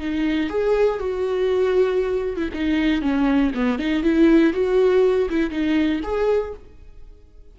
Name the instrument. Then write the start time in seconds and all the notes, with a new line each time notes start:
viola
0.00 D#4
0.50 G#4
0.99 F#4
2.37 E4
2.54 D#4
3.02 C#4
3.55 B3
3.79 D#4
4.03 E4
4.54 F#4
5.30 E4
5.51 D#4
6.03 G#4